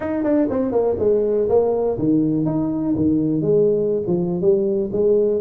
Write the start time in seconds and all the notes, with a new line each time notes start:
0.00 D#4
0.23 D4
0.50 C4
0.71 A#3
0.99 G#3
1.49 A#3
1.98 D#3
2.45 D#4
2.96 D#3
3.41 G#3
4.07 F3
4.41 G3
4.92 G#3